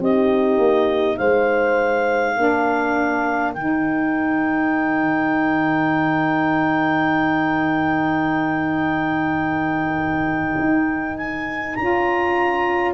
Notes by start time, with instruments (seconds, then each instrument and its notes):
0.00 tuba C4, saxophone D#4, horn G4, clarinet D#5
0.58 tuba A#3
1.17 tuba G#3, horn C5, clarinet F5
2.36 tuba A#3, saxophone D4, horn A#4
3.53 tuba D#3, saxophone D#4, clarinet G5
10.60 tuba D#4
11.18 clarinet G#5
11.75 tuba C#4, saxophone F4, clarinet A#5